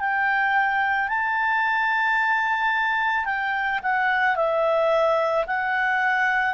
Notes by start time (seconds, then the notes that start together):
0.00 G5
1.08 A5
3.25 G5
3.83 F#5
4.36 E5
5.46 F#5